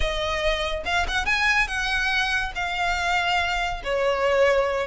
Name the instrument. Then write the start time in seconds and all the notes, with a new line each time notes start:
violin
0.00 D#5
0.85 F5
1.08 F#5
1.25 G#5
1.67 F#5
2.55 F5
3.84 C#5